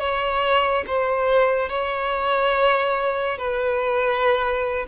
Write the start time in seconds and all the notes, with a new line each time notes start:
0.00 C#5
0.87 C5
1.69 C#5
3.38 B4